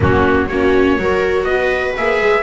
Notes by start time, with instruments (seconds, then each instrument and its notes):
0.00 double bass F#3, viola A#3 C#4, trumpet F#4
0.47 double bass A#3, viola C#4 F#4, trumpet C#5
0.97 double bass F#3, viola F#4 A#4
1.43 double bass B3, viola B4, trumpet D#5
1.96 double bass A#3, viola G#4, trumpet E5
2.20 double bass G#3